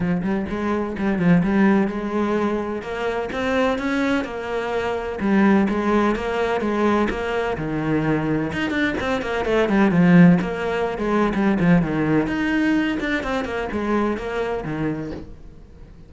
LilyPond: \new Staff \with { instrumentName = "cello" } { \time 4/4 \tempo 4 = 127 f8 g8 gis4 g8 f8 g4 | gis2 ais4 c'4 | cis'4 ais2 g4 | gis4 ais4 gis4 ais4 |
dis2 dis'8 d'8 c'8 ais8 | a8 g8 f4 ais4~ ais16 gis8. | g8 f8 dis4 dis'4. d'8 | c'8 ais8 gis4 ais4 dis4 | }